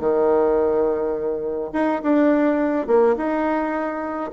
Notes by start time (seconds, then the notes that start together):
0.00 D#3
1.73 D#4
2.03 D4
2.88 A#3
3.17 D#4